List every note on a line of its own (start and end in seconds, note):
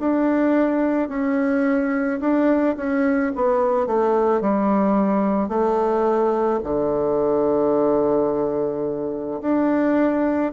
0.00 1.09 D4
1.09 2.20 C#4
2.20 2.76 D4
2.77 3.32 C#4
3.36 3.87 B3
3.87 4.41 A3
4.41 5.49 G3
5.49 6.60 A3
6.64 9.41 D3
9.41 10.53 D4